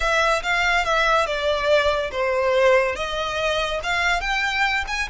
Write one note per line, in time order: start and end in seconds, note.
0.00 0.42 E5
0.42 0.84 F5
0.84 1.26 E5
1.26 2.10 D5
2.11 2.95 C5
2.95 3.80 D#5
3.83 4.21 F5
4.21 4.84 G5
4.87 5.08 G#5